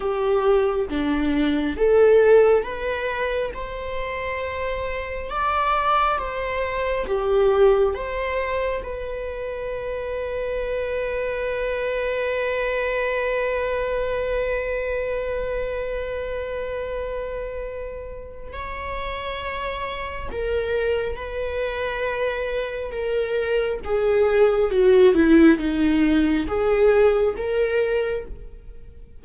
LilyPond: \new Staff \with { instrumentName = "viola" } { \time 4/4 \tempo 4 = 68 g'4 d'4 a'4 b'4 | c''2 d''4 c''4 | g'4 c''4 b'2~ | b'1~ |
b'1~ | b'4 cis''2 ais'4 | b'2 ais'4 gis'4 | fis'8 e'8 dis'4 gis'4 ais'4 | }